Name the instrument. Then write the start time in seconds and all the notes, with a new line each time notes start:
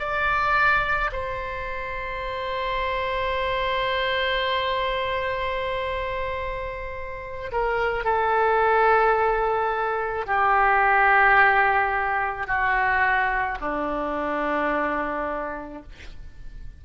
oboe
0.00 D5
1.13 C5
7.53 A#4
8.05 A4
10.27 G4
12.47 F#4
13.61 D4